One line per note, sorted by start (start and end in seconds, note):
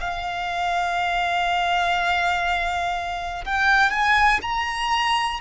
0.00 3.44 F5
3.45 3.90 G5
3.90 4.39 G#5
4.42 5.40 A#5